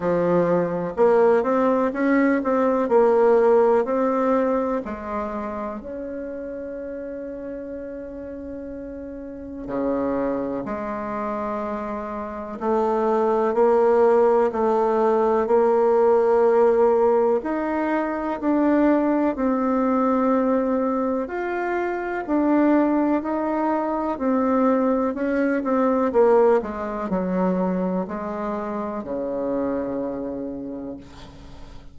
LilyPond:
\new Staff \with { instrumentName = "bassoon" } { \time 4/4 \tempo 4 = 62 f4 ais8 c'8 cis'8 c'8 ais4 | c'4 gis4 cis'2~ | cis'2 cis4 gis4~ | gis4 a4 ais4 a4 |
ais2 dis'4 d'4 | c'2 f'4 d'4 | dis'4 c'4 cis'8 c'8 ais8 gis8 | fis4 gis4 cis2 | }